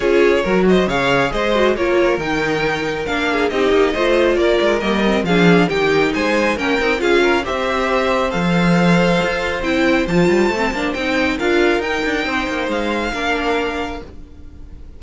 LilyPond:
<<
  \new Staff \with { instrumentName = "violin" } { \time 4/4 \tempo 4 = 137 cis''4. dis''8 f''4 dis''4 | cis''4 g''2 f''4 | dis''2 d''4 dis''4 | f''4 g''4 gis''4 g''4 |
f''4 e''2 f''4~ | f''2 g''4 a''4~ | a''4 g''4 f''4 g''4~ | g''4 f''2. | }
  \new Staff \with { instrumentName = "violin" } { \time 4/4 gis'4 ais'8 c''8 cis''4 c''4 | ais'2.~ ais'8 gis'8 | g'4 c''4 ais'2 | gis'4 g'4 c''4 ais'4 |
gis'8 ais'8 c''2.~ | c''1~ | c''2 ais'2 | c''2 ais'2 | }
  \new Staff \with { instrumentName = "viola" } { \time 4/4 f'4 fis'4 gis'4. fis'8 | f'4 dis'2 d'4 | dis'4 f'2 ais8 c'8 | d'4 dis'2 cis'8 dis'8 |
f'4 g'2 a'4~ | a'2 e'4 f'4 | c'8 d'8 dis'4 f'4 dis'4~ | dis'2 d'2 | }
  \new Staff \with { instrumentName = "cello" } { \time 4/4 cis'4 fis4 cis4 gis4 | ais4 dis2 ais4 | c'8 ais8 a4 ais8 gis8 g4 | f4 dis4 gis4 ais8 c'8 |
cis'4 c'2 f4~ | f4 f'4 c'4 f8 g8 | a8 ais8 c'4 d'4 dis'8 d'8 | c'8 ais8 gis4 ais2 | }
>>